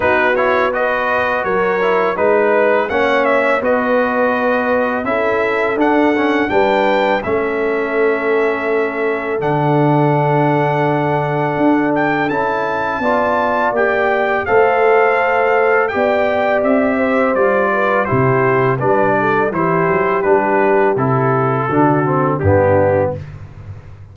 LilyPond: <<
  \new Staff \with { instrumentName = "trumpet" } { \time 4/4 \tempo 4 = 83 b'8 cis''8 dis''4 cis''4 b'4 | fis''8 e''8 dis''2 e''4 | fis''4 g''4 e''2~ | e''4 fis''2.~ |
fis''8 g''8 a''2 g''4 | f''2 g''4 e''4 | d''4 c''4 d''4 c''4 | b'4 a'2 g'4 | }
  \new Staff \with { instrumentName = "horn" } { \time 4/4 fis'4 b'4 ais'4 b'4 | cis''4 b'2 a'4~ | a'4 b'4 a'2~ | a'1~ |
a'2 d''2 | c''2 d''4. c''8~ | c''8 b'8 g'4 b'8 a'8 g'4~ | g'2 fis'4 d'4 | }
  \new Staff \with { instrumentName = "trombone" } { \time 4/4 dis'8 e'8 fis'4. e'8 dis'4 | cis'4 fis'2 e'4 | d'8 cis'8 d'4 cis'2~ | cis'4 d'2.~ |
d'4 e'4 f'4 g'4 | a'2 g'2 | f'4 e'4 d'4 e'4 | d'4 e'4 d'8 c'8 b4 | }
  \new Staff \with { instrumentName = "tuba" } { \time 4/4 b2 fis4 gis4 | ais4 b2 cis'4 | d'4 g4 a2~ | a4 d2. |
d'4 cis'4 b4 ais4 | a2 b4 c'4 | g4 c4 g4 e8 fis8 | g4 c4 d4 g,4 | }
>>